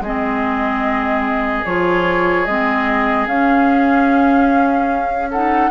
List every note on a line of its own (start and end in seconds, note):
0.00 1.62 G#3
0.00 1.66 C4
0.00 5.30 G#4
0.00 1.65 D#5
1.65 2.47 F3
1.65 2.47 F4
1.65 2.45 C#5
2.45 3.27 G#3
2.45 3.29 C4
2.45 3.27 D#5
3.27 5.70 C#4
3.27 5.32 C#4
3.27 5.30 F5
5.31 5.71 D#4
5.31 5.71 A4
5.31 5.71 F#5